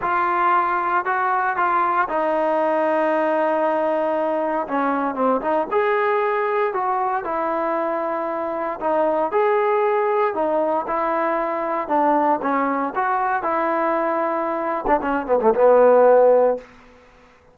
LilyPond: \new Staff \with { instrumentName = "trombone" } { \time 4/4 \tempo 4 = 116 f'2 fis'4 f'4 | dis'1~ | dis'4 cis'4 c'8 dis'8 gis'4~ | gis'4 fis'4 e'2~ |
e'4 dis'4 gis'2 | dis'4 e'2 d'4 | cis'4 fis'4 e'2~ | e'8. d'16 cis'8 b16 a16 b2 | }